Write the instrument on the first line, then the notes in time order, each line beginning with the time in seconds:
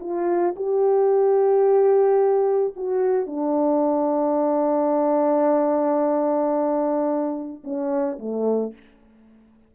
horn
0.00 F4
0.56 G4
2.76 F#4
3.26 D4
7.64 C#4
8.19 A3